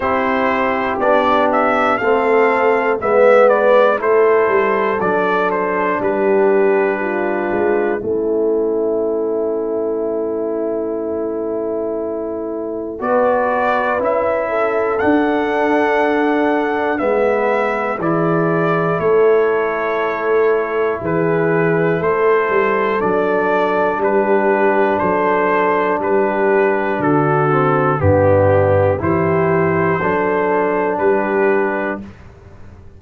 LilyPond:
<<
  \new Staff \with { instrumentName = "trumpet" } { \time 4/4 \tempo 4 = 60 c''4 d''8 e''8 f''4 e''8 d''8 | c''4 d''8 c''8 b'2 | a'1~ | a'4 d''4 e''4 fis''4~ |
fis''4 e''4 d''4 cis''4~ | cis''4 b'4 c''4 d''4 | b'4 c''4 b'4 a'4 | g'4 c''2 b'4 | }
  \new Staff \with { instrumentName = "horn" } { \time 4/4 g'2 a'4 b'4 | a'2 g'4 f'4 | e'1~ | e'4 b'4. a'4.~ |
a'4 b'4 gis'4 a'4~ | a'4 gis'4 a'2 | g'4 a'4 g'4 fis'4 | d'4 g'4 a'4 g'4 | }
  \new Staff \with { instrumentName = "trombone" } { \time 4/4 e'4 d'4 c'4 b4 | e'4 d'2. | cis'1~ | cis'4 fis'4 e'4 d'4~ |
d'4 b4 e'2~ | e'2. d'4~ | d'2.~ d'8 c'8 | b4 e'4 d'2 | }
  \new Staff \with { instrumentName = "tuba" } { \time 4/4 c'4 b4 a4 gis4 | a8 g8 fis4 g4. gis8 | a1~ | a4 b4 cis'4 d'4~ |
d'4 gis4 e4 a4~ | a4 e4 a8 g8 fis4 | g4 fis4 g4 d4 | g,4 e4 fis4 g4 | }
>>